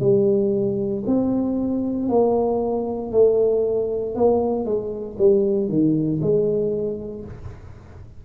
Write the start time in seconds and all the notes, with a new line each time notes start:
0.00 G3
1.06 C4
2.09 A#3
3.11 A3
4.15 A#3
4.65 G#3
5.18 G3
5.68 D#3
6.21 G#3